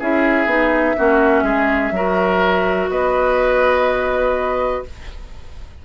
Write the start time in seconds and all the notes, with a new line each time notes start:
0.00 C#4 E4 G#4 E5
0.46 B3 D#4
0.97 A#3 C#4 F#4
1.43 G#3 G#4
1.92 F#3 F#4 A#4
2.90 B3 B4 D#5